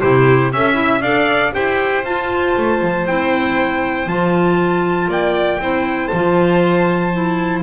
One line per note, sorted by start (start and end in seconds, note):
0.00 0.52 C3
0.00 0.52 E4
0.00 0.51 G4
0.00 0.51 C5
0.52 1.00 C#4
0.52 0.73 A4
0.52 1.01 E5
0.52 1.02 E5
0.73 0.99 E4
1.00 1.51 D4
1.00 1.52 A4
1.00 1.52 D5
1.00 1.52 F5
1.52 2.04 E4
1.52 2.03 G4
1.52 5.09 C5
1.52 2.04 G5
2.03 3.05 F4
2.03 2.55 F4
2.03 3.07 A5
2.57 2.81 A3
2.81 3.06 F3
3.06 4.06 C4
3.06 4.07 E4
3.06 4.08 G5
4.06 5.08 F3
4.06 5.60 F4
4.06 5.10 A5
5.08 5.59 A#3
5.08 5.60 D5
5.08 6.07 G5
5.59 6.10 C4
5.59 6.11 E4
5.59 7.62 C5
6.07 7.62 F3
6.07 7.60 A5
6.15 7.12 F4
7.12 7.62 E4